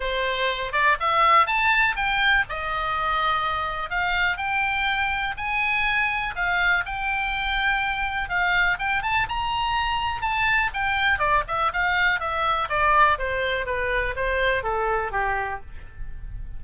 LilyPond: \new Staff \with { instrumentName = "oboe" } { \time 4/4 \tempo 4 = 123 c''4. d''8 e''4 a''4 | g''4 dis''2. | f''4 g''2 gis''4~ | gis''4 f''4 g''2~ |
g''4 f''4 g''8 a''8 ais''4~ | ais''4 a''4 g''4 d''8 e''8 | f''4 e''4 d''4 c''4 | b'4 c''4 a'4 g'4 | }